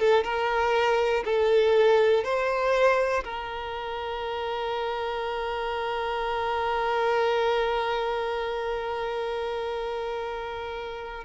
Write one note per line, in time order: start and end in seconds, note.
0.00 0.25 A4
0.25 1.25 A#4
1.25 2.24 A4
2.24 3.24 C5
3.25 11.25 A#4